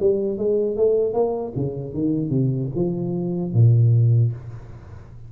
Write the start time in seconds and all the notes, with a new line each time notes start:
0.00 G3
0.38 G#3
0.77 A3
1.13 A#3
1.56 C#3
1.94 D#3
2.30 C3
2.75 F3
3.53 A#2